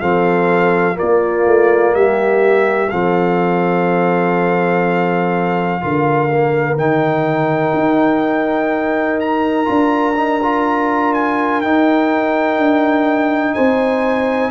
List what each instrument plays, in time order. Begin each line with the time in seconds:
0.00 tuba F3, trombone C4, horn A4, trumpet F5
0.94 trombone A#3, horn F4, trumpet D5
1.01 tuba A#3
1.46 tuba A3
1.94 tuba G3, horn G4, trumpet E5
2.89 tuba F3, trombone C4, horn A4, trumpet F5
5.80 tuba D3, trombone F4, horn A#4
6.30 trombone A#3
6.76 tuba D#3, trombone D#4, trumpet G5
7.73 tuba D#4
9.20 trumpet A#5
9.65 tuba D4, trombone F4
10.16 trombone D#4
10.42 trombone F4
11.13 trumpet G#5
11.61 tuba D#4, trombone D#4, trumpet G5
12.57 tuba D4
13.54 tuba C4, horn C5, trumpet G#5